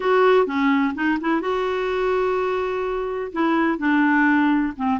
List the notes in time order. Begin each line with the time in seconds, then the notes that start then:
0.00 F#4
0.46 C#4
0.94 D#4
1.20 E4
1.41 F#4
3.32 E4
3.78 D4
4.76 C4